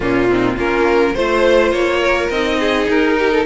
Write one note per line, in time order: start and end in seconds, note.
0.00 0.56 A#2
0.00 0.29 A#3
0.00 0.30 C#4
0.00 0.58 F4
0.29 0.57 C4
0.29 0.55 D#4
0.55 1.15 A#3
0.55 1.15 C#4
0.55 1.13 F4
0.55 1.15 A#4
1.13 1.72 A3
1.13 2.32 F4
1.13 2.00 C5
1.13 1.72 C5
1.72 2.29 A#3
1.72 2.30 C#5
2.00 2.57 A#4
2.30 2.87 C4
2.30 3.45 D#4
2.30 2.88 D#5
2.59 3.17 G#4
2.88 3.45 D#4
2.88 3.45 A#4
3.18 3.31 G4
3.31 3.45 A4